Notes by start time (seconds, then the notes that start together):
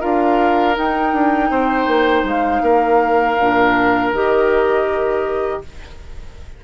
0.00 D4 F4 A#4 F5
0.74 D#4 G5
1.13 D4
1.50 C4 C5
1.86 A#3
2.23 G#3 F5
2.62 A#3 A#4
3.39 A#2 D4
4.12 D#3 G4 D#5